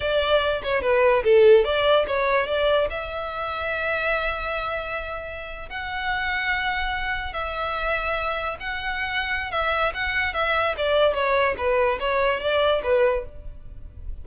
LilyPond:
\new Staff \with { instrumentName = "violin" } { \time 4/4 \tempo 4 = 145 d''4. cis''8 b'4 a'4 | d''4 cis''4 d''4 e''4~ | e''1~ | e''4.~ e''16 fis''2~ fis''16~ |
fis''4.~ fis''16 e''2~ e''16~ | e''8. fis''2~ fis''16 e''4 | fis''4 e''4 d''4 cis''4 | b'4 cis''4 d''4 b'4 | }